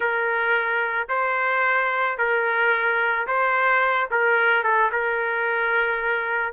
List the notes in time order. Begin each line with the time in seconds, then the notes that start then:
0.00 A#4
1.09 C5
2.17 A#4
3.27 C5
4.11 A#4
4.63 A4
4.92 A#4